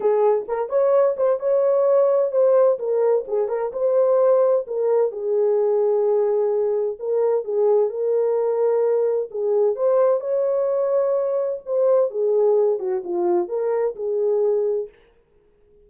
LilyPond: \new Staff \with { instrumentName = "horn" } { \time 4/4 \tempo 4 = 129 gis'4 ais'8 cis''4 c''8 cis''4~ | cis''4 c''4 ais'4 gis'8 ais'8 | c''2 ais'4 gis'4~ | gis'2. ais'4 |
gis'4 ais'2. | gis'4 c''4 cis''2~ | cis''4 c''4 gis'4. fis'8 | f'4 ais'4 gis'2 | }